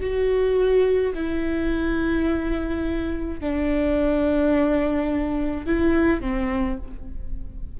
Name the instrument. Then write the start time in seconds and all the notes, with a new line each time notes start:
viola
0.00 F#4
1.14 E4
3.40 D4
5.66 E4
6.20 C4